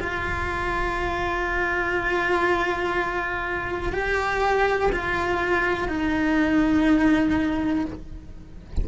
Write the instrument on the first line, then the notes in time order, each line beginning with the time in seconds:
cello
0.00 F4
3.93 G4
4.92 F4
5.88 D#4